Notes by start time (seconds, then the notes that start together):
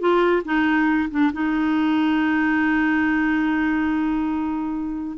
0.00 F4
0.45 D#4
1.11 D4
1.33 D#4